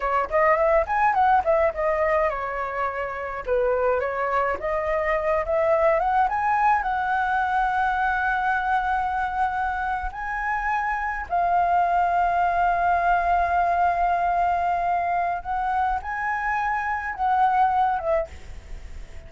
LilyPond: \new Staff \with { instrumentName = "flute" } { \time 4/4 \tempo 4 = 105 cis''8 dis''8 e''8 gis''8 fis''8 e''8 dis''4 | cis''2 b'4 cis''4 | dis''4. e''4 fis''8 gis''4 | fis''1~ |
fis''4.~ fis''16 gis''2 f''16~ | f''1~ | f''2. fis''4 | gis''2 fis''4. e''8 | }